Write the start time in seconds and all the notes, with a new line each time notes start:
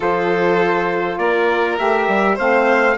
0.00 F3 F4 A4 C5
1.17 A#3 A#4 D5
1.77 A3 G4 E5
2.07 G3
2.35 A3 C4 C5 F5